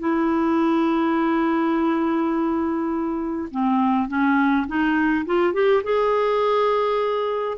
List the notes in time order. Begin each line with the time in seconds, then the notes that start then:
0.00 E4
3.51 C4
4.09 C#4
4.68 D#4
5.26 F4
5.54 G4
5.84 G#4